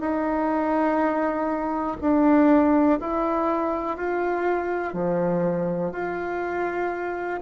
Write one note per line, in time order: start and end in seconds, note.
0.00 1.97 D#4
2.01 2.99 D4
3.00 3.97 E4
3.97 4.93 F4
4.93 5.92 F3
5.92 7.39 F4